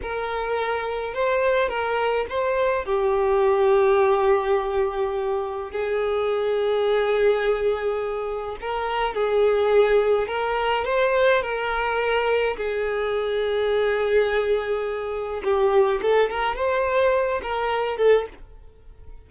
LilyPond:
\new Staff \with { instrumentName = "violin" } { \time 4/4 \tempo 4 = 105 ais'2 c''4 ais'4 | c''4 g'2.~ | g'2 gis'2~ | gis'2. ais'4 |
gis'2 ais'4 c''4 | ais'2 gis'2~ | gis'2. g'4 | a'8 ais'8 c''4. ais'4 a'8 | }